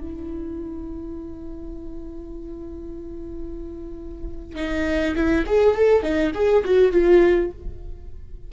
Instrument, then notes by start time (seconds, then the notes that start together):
viola
0.00 E4
4.56 D#4
5.15 E4
5.46 G#4
5.75 A4
6.02 D#4
6.34 G#4
6.64 F#4
6.92 F4